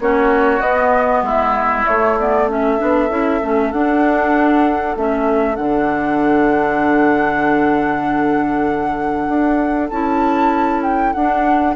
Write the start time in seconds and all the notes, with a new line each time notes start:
0.00 A#3 C#4 F#4 C#5
0.61 B3 D#5
1.22 G#3 E4
1.29 E5
1.87 A3 C#5
2.19 B3 D5
2.48 C#4 A4 E5
2.78 B3 D4
3.10 C#4 E4
3.43 A3 C#4
3.72 D4 F#5
4.96 A3 C#4 E5
5.56 D3 D4 F#5
9.28 D4
9.90 C#4 E4 A5
10.83 G5
11.13 D4 F#5